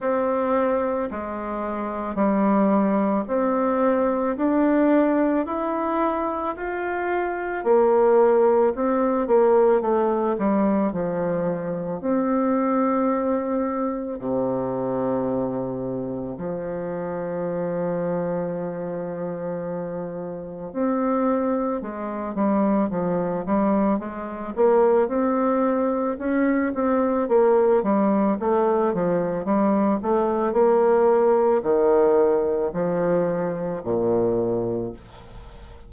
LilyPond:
\new Staff \with { instrumentName = "bassoon" } { \time 4/4 \tempo 4 = 55 c'4 gis4 g4 c'4 | d'4 e'4 f'4 ais4 | c'8 ais8 a8 g8 f4 c'4~ | c'4 c2 f4~ |
f2. c'4 | gis8 g8 f8 g8 gis8 ais8 c'4 | cis'8 c'8 ais8 g8 a8 f8 g8 a8 | ais4 dis4 f4 ais,4 | }